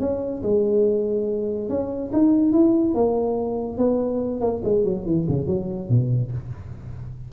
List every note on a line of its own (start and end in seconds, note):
0.00 0.42 C#4
0.43 1.69 G#3
1.69 2.11 C#4
2.13 2.53 D#4
2.53 2.94 E4
2.94 3.78 A#3
3.78 4.41 B3
4.41 4.62 A#3
4.65 4.84 G#3
4.84 5.06 F#3
5.06 5.27 E3
5.28 5.47 C#3
5.47 5.89 F#3
5.89 6.31 B2